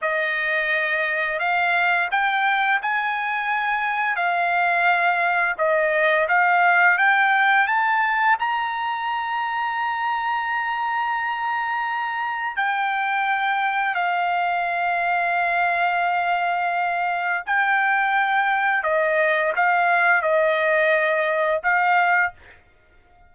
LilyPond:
\new Staff \with { instrumentName = "trumpet" } { \time 4/4 \tempo 4 = 86 dis''2 f''4 g''4 | gis''2 f''2 | dis''4 f''4 g''4 a''4 | ais''1~ |
ais''2 g''2 | f''1~ | f''4 g''2 dis''4 | f''4 dis''2 f''4 | }